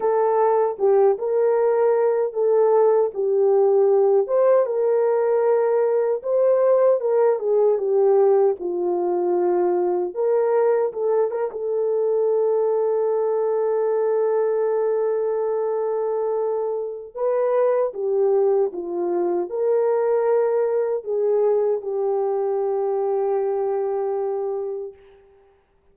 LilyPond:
\new Staff \with { instrumentName = "horn" } { \time 4/4 \tempo 4 = 77 a'4 g'8 ais'4. a'4 | g'4. c''8 ais'2 | c''4 ais'8 gis'8 g'4 f'4~ | f'4 ais'4 a'8 ais'16 a'4~ a'16~ |
a'1~ | a'2 b'4 g'4 | f'4 ais'2 gis'4 | g'1 | }